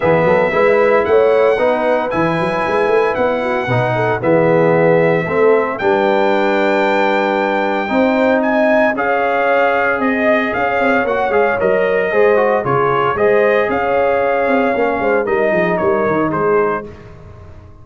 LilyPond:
<<
  \new Staff \with { instrumentName = "trumpet" } { \time 4/4 \tempo 4 = 114 e''2 fis''2 | gis''2 fis''2 | e''2. g''4~ | g''1 |
gis''4 f''2 dis''4 | f''4 fis''8 f''8 dis''2 | cis''4 dis''4 f''2~ | f''4 dis''4 cis''4 c''4 | }
  \new Staff \with { instrumentName = "horn" } { \time 4/4 gis'8 a'8 b'4 cis''4 b'4~ | b'2~ b'8 fis'8 b'8 a'8 | gis'2 a'4 b'4~ | b'2. c''4 |
dis''4 cis''2 dis''4 | cis''2. c''4 | gis'4 c''4 cis''2~ | cis''8 c''8 ais'8 gis'8 ais'4 gis'4 | }
  \new Staff \with { instrumentName = "trombone" } { \time 4/4 b4 e'2 dis'4 | e'2. dis'4 | b2 c'4 d'4~ | d'2. dis'4~ |
dis'4 gis'2.~ | gis'4 fis'8 gis'8 ais'4 gis'8 fis'8 | f'4 gis'2. | cis'4 dis'2. | }
  \new Staff \with { instrumentName = "tuba" } { \time 4/4 e8 fis8 gis4 a4 b4 | e8 fis8 gis8 a8 b4 b,4 | e2 a4 g4~ | g2. c'4~ |
c'4 cis'2 c'4 | cis'8 c'8 ais8 gis8 fis4 gis4 | cis4 gis4 cis'4. c'8 | ais8 gis8 g8 f8 g8 dis8 gis4 | }
>>